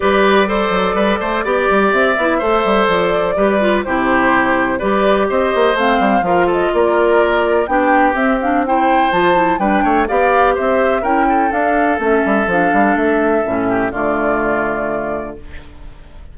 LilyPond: <<
  \new Staff \with { instrumentName = "flute" } { \time 4/4 \tempo 4 = 125 d''1 | e''2 d''2 | c''2 d''4 dis''4 | f''4. dis''8 d''2 |
g''4 e''8 f''8 g''4 a''4 | g''4 f''4 e''4 g''4 | f''4 e''4 f''4 e''4~ | e''4 d''2. | }
  \new Staff \with { instrumentName = "oboe" } { \time 4/4 b'4 c''4 b'8 c''8 d''4~ | d''4 c''2 b'4 | g'2 b'4 c''4~ | c''4 ais'8 a'8 ais'2 |
g'2 c''2 | b'8 cis''8 d''4 c''4 ais'8 a'8~ | a'1~ | a'8 g'8 f'2. | }
  \new Staff \with { instrumentName = "clarinet" } { \time 4/4 g'4 a'2 g'4~ | g'8 e'8 a'2 g'8 f'8 | e'2 g'2 | c'4 f'2. |
d'4 c'8 d'8 e'4 f'8 e'8 | d'4 g'2 e'4 | d'4 cis'4 d'2 | cis'4 a2. | }
  \new Staff \with { instrumentName = "bassoon" } { \time 4/4 g4. fis8 g8 a8 b8 g8 | c'8 b8 a8 g8 f4 g4 | c2 g4 c'8 ais8 | a8 g8 f4 ais2 |
b4 c'2 f4 | g8 a8 b4 c'4 cis'4 | d'4 a8 g8 f8 g8 a4 | a,4 d2. | }
>>